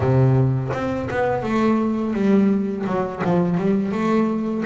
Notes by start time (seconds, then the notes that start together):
0.00 C3
0.73 C4
1.10 B3
1.43 A3
2.13 G3
2.86 F#3
3.24 F3
3.57 G3
3.92 A3